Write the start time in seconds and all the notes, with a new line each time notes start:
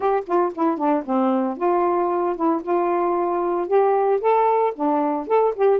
0.00 G4
0.26 F4
0.55 E4
0.77 D4
1.05 C4
1.57 F4
2.35 E4
2.62 F4
3.67 G4
4.20 A4
4.75 D4
5.27 A4
5.55 G4